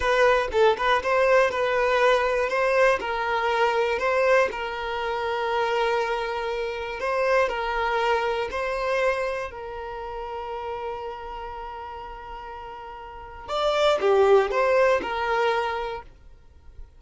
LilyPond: \new Staff \with { instrumentName = "violin" } { \time 4/4 \tempo 4 = 120 b'4 a'8 b'8 c''4 b'4~ | b'4 c''4 ais'2 | c''4 ais'2.~ | ais'2 c''4 ais'4~ |
ais'4 c''2 ais'4~ | ais'1~ | ais'2. d''4 | g'4 c''4 ais'2 | }